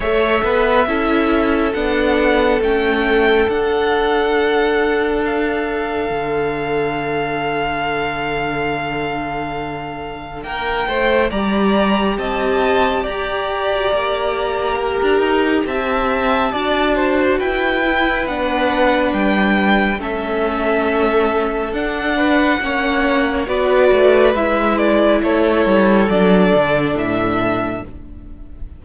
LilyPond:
<<
  \new Staff \with { instrumentName = "violin" } { \time 4/4 \tempo 4 = 69 e''2 fis''4 g''4 | fis''2 f''2~ | f''1 | g''4 ais''4 a''4 ais''4~ |
ais''2 a''2 | g''4 fis''4 g''4 e''4~ | e''4 fis''2 d''4 | e''8 d''8 cis''4 d''4 e''4 | }
  \new Staff \with { instrumentName = "violin" } { \time 4/4 cis''8 b'8 a'2.~ | a'1~ | a'1 | ais'8 c''8 d''4 dis''4 d''4~ |
d''4 ais'4 e''4 d''8 c''8 | b'2. a'4~ | a'4. b'8 cis''4 b'4~ | b'4 a'2. | }
  \new Staff \with { instrumentName = "viola" } { \time 4/4 a'4 e'4 d'4 cis'4 | d'1~ | d'1~ | d'4 g'2~ g'8. fis'16 |
g'2. fis'4~ | fis'8 e'8 d'2 cis'4~ | cis'4 d'4 cis'4 fis'4 | e'2 d'2 | }
  \new Staff \with { instrumentName = "cello" } { \time 4/4 a8 b8 cis'4 b4 a4 | d'2. d4~ | d1 | ais8 a8 g4 c'4 g'4 |
ais4~ ais16 d'16 dis'8 c'4 d'4 | e'4 b4 g4 a4~ | a4 d'4 ais4 b8 a8 | gis4 a8 g8 fis8 d8 a,4 | }
>>